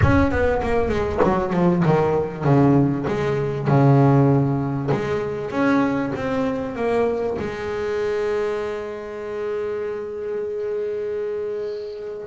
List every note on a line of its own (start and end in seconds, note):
0.02 0.31 C#4
0.31 0.61 B3
0.62 0.88 A#3
0.88 1.19 G#3
1.23 1.53 F#3
1.53 1.83 F3
1.85 2.44 D#3
2.44 3.05 C#3
3.07 3.67 G#3
3.67 4.90 C#3
4.91 5.50 G#3
5.50 6.11 C#4
6.15 6.75 C4
6.75 7.37 A#3
7.39 12.27 G#3